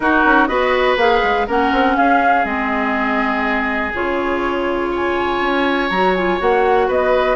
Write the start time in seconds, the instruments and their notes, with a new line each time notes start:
0.00 bassoon D#4, clarinet D#4, oboe F#4, flute A#4
0.25 bassoon C#4
0.47 bassoon B3, clarinet F#4, oboe B4, flute D#5
0.96 bassoon A#3, clarinet G#4, flute F5
1.23 bassoon G#3
1.46 bassoon A#3, clarinet C#4, oboe A#4, flute F#5
1.72 bassoon C4
1.96 bassoon C#4, oboe G#4, flute F5
2.44 bassoon G#3, clarinet C4, flute D#5
3.94 bassoon C#3, clarinet F4, flute C#5
4.90 oboe C#5, flute G#5
5.41 bassoon C#4
5.89 bassoon F#3, clarinet F#4, flute A#5
6.14 clarinet F4, flute G#5
6.38 bassoon A#3, clarinet F#4, flute F#5
6.87 bassoon B3, oboe B4, flute D#5